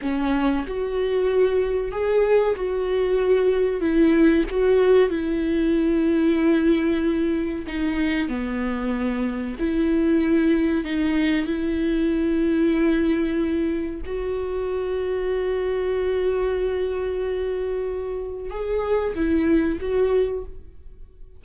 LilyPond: \new Staff \with { instrumentName = "viola" } { \time 4/4 \tempo 4 = 94 cis'4 fis'2 gis'4 | fis'2 e'4 fis'4 | e'1 | dis'4 b2 e'4~ |
e'4 dis'4 e'2~ | e'2 fis'2~ | fis'1~ | fis'4 gis'4 e'4 fis'4 | }